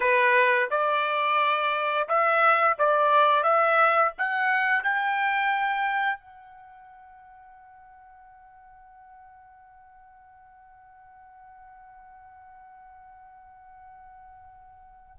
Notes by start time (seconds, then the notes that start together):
0.00 B4
0.70 D5
2.08 E5
2.78 D5
3.43 E5
4.18 F#5
4.83 G5
6.19 F#5